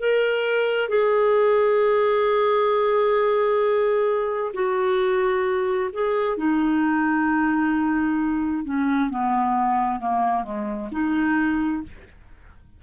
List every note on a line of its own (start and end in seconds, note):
0.00 0.89 A#4
0.89 4.53 G#4
4.54 5.90 F#4
5.93 6.38 G#4
6.38 8.65 D#4
8.65 9.10 C#4
9.10 10.00 B3
10.00 10.44 A#3
10.44 10.90 G#3
10.92 11.83 D#4